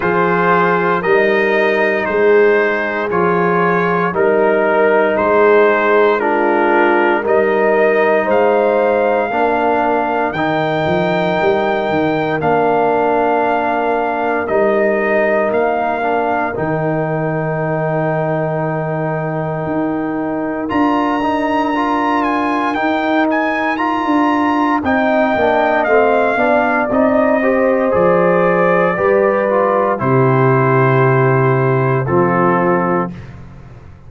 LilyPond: <<
  \new Staff \with { instrumentName = "trumpet" } { \time 4/4 \tempo 4 = 58 c''4 dis''4 c''4 cis''4 | ais'4 c''4 ais'4 dis''4 | f''2 g''2 | f''2 dis''4 f''4 |
g''1 | ais''4. gis''8 g''8 gis''8 ais''4 | g''4 f''4 dis''4 d''4~ | d''4 c''2 a'4 | }
  \new Staff \with { instrumentName = "horn" } { \time 4/4 gis'4 ais'4 gis'2 | ais'4 gis'4 f'4 ais'4 | c''4 ais'2.~ | ais'1~ |
ais'1~ | ais'1 | dis''4. d''4 c''4. | b'4 g'2 f'4 | }
  \new Staff \with { instrumentName = "trombone" } { \time 4/4 f'4 dis'2 f'4 | dis'2 d'4 dis'4~ | dis'4 d'4 dis'2 | d'2 dis'4. d'8 |
dis'1 | f'8 dis'8 f'4 dis'4 f'4 | dis'8 d'8 c'8 d'8 dis'8 g'8 gis'4 | g'8 f'8 e'2 c'4 | }
  \new Staff \with { instrumentName = "tuba" } { \time 4/4 f4 g4 gis4 f4 | g4 gis2 g4 | gis4 ais4 dis8 f8 g8 dis8 | ais2 g4 ais4 |
dis2. dis'4 | d'2 dis'4~ dis'16 d'8. | c'8 ais8 a8 b8 c'4 f4 | g4 c2 f4 | }
>>